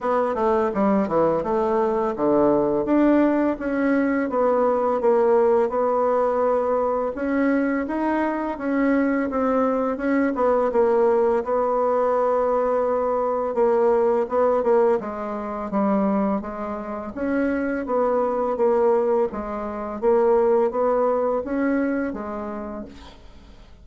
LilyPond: \new Staff \with { instrumentName = "bassoon" } { \time 4/4 \tempo 4 = 84 b8 a8 g8 e8 a4 d4 | d'4 cis'4 b4 ais4 | b2 cis'4 dis'4 | cis'4 c'4 cis'8 b8 ais4 |
b2. ais4 | b8 ais8 gis4 g4 gis4 | cis'4 b4 ais4 gis4 | ais4 b4 cis'4 gis4 | }